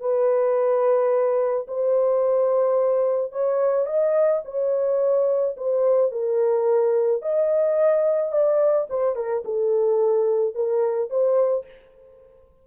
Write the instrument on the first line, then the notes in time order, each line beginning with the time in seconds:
horn
0.00 B4
1.67 C5
3.32 C#5
3.86 D#5
4.45 C#5
5.57 C5
6.11 A#4
7.22 D#5
8.32 D5
8.89 C5
9.16 A#4
9.45 A4
10.55 A#4
11.10 C5